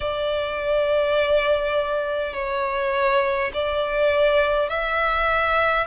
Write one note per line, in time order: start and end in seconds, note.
0.00 2.33 D5
2.33 3.51 C#5
3.53 4.68 D5
4.68 5.86 E5